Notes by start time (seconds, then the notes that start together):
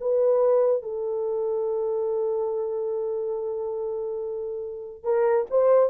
0.00 B4
0.82 A4
5.03 A#4
5.50 C5